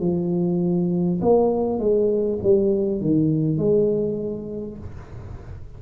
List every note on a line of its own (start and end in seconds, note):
0.00 1.20 F3
1.21 1.79 A#3
1.79 2.39 G#3
2.43 3.01 G3
3.01 3.58 D#3
3.58 4.78 G#3